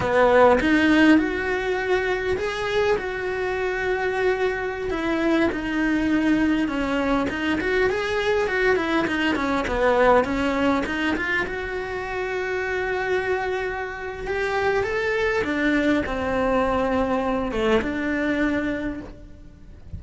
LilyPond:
\new Staff \with { instrumentName = "cello" } { \time 4/4 \tempo 4 = 101 b4 dis'4 fis'2 | gis'4 fis'2.~ | fis'16 e'4 dis'2 cis'8.~ | cis'16 dis'8 fis'8 gis'4 fis'8 e'8 dis'8 cis'16~ |
cis'16 b4 cis'4 dis'8 f'8 fis'8.~ | fis'1 | g'4 a'4 d'4 c'4~ | c'4. a8 d'2 | }